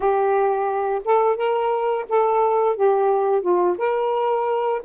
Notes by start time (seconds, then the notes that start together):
0.00 G4
1.04 A4
1.36 A#4
2.09 A4
2.76 G4
3.41 F4
3.77 A#4